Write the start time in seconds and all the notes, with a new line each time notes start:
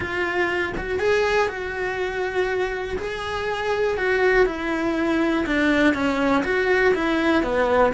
0.00 F4
0.77 F#4
0.99 G#4
1.48 F#4
2.98 G#4
3.97 F#4
4.46 E4
5.46 D4
5.94 C#4
6.44 F#4
6.94 E4
7.43 B3